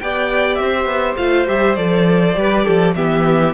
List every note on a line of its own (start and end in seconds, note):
0.00 0.59 B3
0.00 1.18 G4
0.00 0.62 D5
0.00 0.54 G5
0.54 0.85 C4
0.54 1.14 E5
0.63 2.39 C5
0.85 1.14 B3
1.16 1.47 A3
1.16 1.46 F4
1.16 1.46 F5
1.46 1.77 G3
1.46 1.76 G4
1.46 1.75 E5
1.75 2.36 F3
1.75 2.34 A4
1.75 2.94 D5
2.34 2.65 G3
2.34 2.94 G4
2.34 2.64 B4
2.64 2.95 F3
2.64 2.94 A4
2.95 3.53 E3
2.95 3.53 B3
2.95 3.53 G4
2.95 3.53 E5